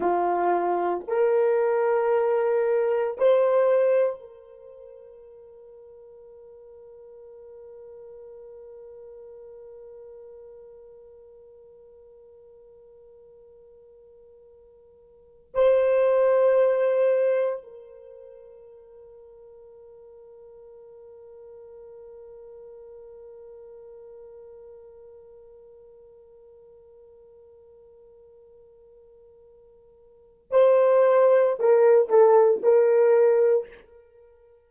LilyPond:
\new Staff \with { instrumentName = "horn" } { \time 4/4 \tempo 4 = 57 f'4 ais'2 c''4 | ais'1~ | ais'1~ | ais'2~ ais'8. c''4~ c''16~ |
c''8. ais'2.~ ais'16~ | ais'1~ | ais'1~ | ais'4 c''4 ais'8 a'8 ais'4 | }